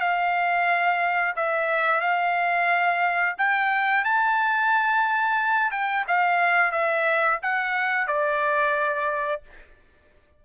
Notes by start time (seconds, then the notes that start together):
0.00 F5
1.36 E5
2.01 F5
3.38 G5
4.04 A5
5.71 G5
6.08 F5
6.72 E5
7.42 F#5
8.07 D5